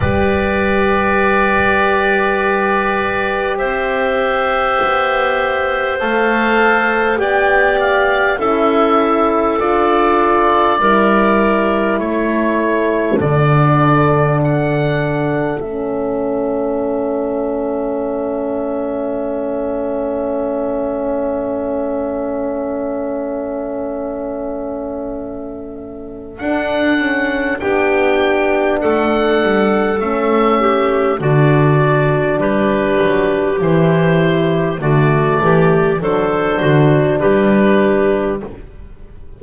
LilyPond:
<<
  \new Staff \with { instrumentName = "oboe" } { \time 4/4 \tempo 4 = 50 d''2. e''4~ | e''4 f''4 g''8 f''8 e''4 | d''2 cis''4 d''4 | fis''4 e''2.~ |
e''1~ | e''2 fis''4 g''4 | fis''4 e''4 d''4 b'4 | c''4 d''4 c''4 b'4 | }
  \new Staff \with { instrumentName = "clarinet" } { \time 4/4 b'2. c''4~ | c''2 d''4 a'4~ | a'4 ais'4 a'2~ | a'1~ |
a'1~ | a'2. g'4 | a'4. g'8 fis'4 g'4~ | g'4 fis'8 g'8 a'8 fis'8 g'4 | }
  \new Staff \with { instrumentName = "horn" } { \time 4/4 g'1~ | g'4 a'4 g'4 e'4 | f'4 e'2 d'4~ | d'4 cis'2.~ |
cis'1~ | cis'2 d'8 cis'8 d'4~ | d'4 cis'4 d'2 | e'4 a4 d'2 | }
  \new Staff \with { instrumentName = "double bass" } { \time 4/4 g2. c'4 | b4 a4 b4 cis'4 | d'4 g4 a4 d4~ | d4 a2.~ |
a1~ | a2 d'4 b4 | a8 g8 a4 d4 g8 fis8 | e4 d8 e8 fis8 d8 g4 | }
>>